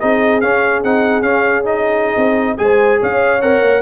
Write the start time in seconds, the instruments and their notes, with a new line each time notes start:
0.00 tuba C4, trombone D#4, horn G#4, trumpet D#5
0.41 tuba C#4, trombone C#4, trumpet F5
0.84 tuba C4, trombone D#4, trumpet F#5
1.22 tuba C#4, trombone C#4, trumpet F5
1.65 trombone D#4, trumpet D#5
2.17 tuba C4
2.58 tuba G#3, trombone G#4, horn C5, trumpet G#5
3.00 tuba C#4, horn C#5, trumpet F5
3.42 tuba C4, trombone A#4, trumpet F#5
3.62 tuba A#3